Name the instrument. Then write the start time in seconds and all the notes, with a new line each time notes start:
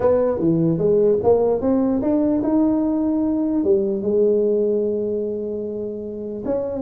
tuba
0.00 B3
0.39 E3
0.78 G#3
1.23 A#3
1.61 C4
2.01 D4
2.43 D#4
3.64 G3
4.01 G#3
6.45 C#4